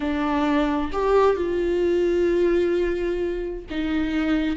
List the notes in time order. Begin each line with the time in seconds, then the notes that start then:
0.00 D4
0.92 G4
1.36 F4
3.70 D#4